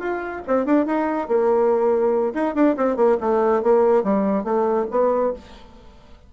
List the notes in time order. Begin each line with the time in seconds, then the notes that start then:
0.00 F4
0.48 C4
0.66 D4
0.86 D#4
1.28 A#3
2.34 D#4
2.55 D4
2.77 C4
2.97 A#3
3.21 A3
3.63 A#3
4.04 G3
4.44 A3
4.91 B3